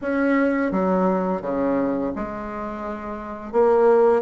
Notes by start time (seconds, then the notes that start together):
0.01 C#4
0.71 F#3
1.41 C#3
2.15 G#3
3.52 A#3